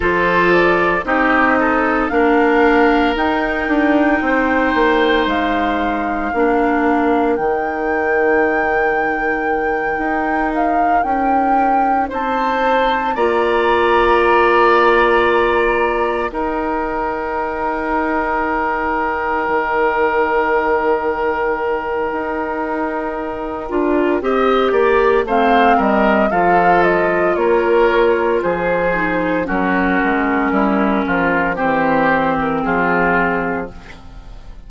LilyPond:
<<
  \new Staff \with { instrumentName = "flute" } { \time 4/4 \tempo 4 = 57 c''8 d''8 dis''4 f''4 g''4~ | g''4 f''2 g''4~ | g''2 f''8 g''4 a''8~ | a''8 ais''2. g''8~ |
g''1~ | g''1 | f''8 dis''8 f''8 dis''8 cis''4 c''4 | ais'2 c''8. ais'16 gis'4 | }
  \new Staff \with { instrumentName = "oboe" } { \time 4/4 a'4 g'8 a'8 ais'2 | c''2 ais'2~ | ais'2.~ ais'8 c''8~ | c''8 d''2. ais'8~ |
ais'1~ | ais'2. dis''8 d''8 | c''8 ais'8 a'4 ais'4 gis'4 | fis'4 e'8 f'8 g'4 f'4 | }
  \new Staff \with { instrumentName = "clarinet" } { \time 4/4 f'4 dis'4 d'4 dis'4~ | dis'2 d'4 dis'4~ | dis'1~ | dis'8 f'2. dis'8~ |
dis'1~ | dis'2~ dis'8 f'8 g'4 | c'4 f'2~ f'8 dis'8 | cis'2 c'2 | }
  \new Staff \with { instrumentName = "bassoon" } { \time 4/4 f4 c'4 ais4 dis'8 d'8 | c'8 ais8 gis4 ais4 dis4~ | dis4. dis'4 cis'4 c'8~ | c'8 ais2. dis'8~ |
dis'2~ dis'8 dis4.~ | dis4 dis'4. d'8 c'8 ais8 | a8 g8 f4 ais4 f4 | fis8 gis8 g8 f8 e4 f4 | }
>>